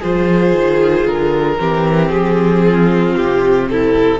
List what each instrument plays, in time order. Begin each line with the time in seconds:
0.00 cello F3, viola F4, violin G#4 C5
0.52 cello D#3
1.05 cello D3, violin A#4
1.57 cello E3, viola C4, violin G4
2.08 cello F3, violin G#4
2.64 violin F4
3.16 cello C3, violin G4
3.69 violin E4 A4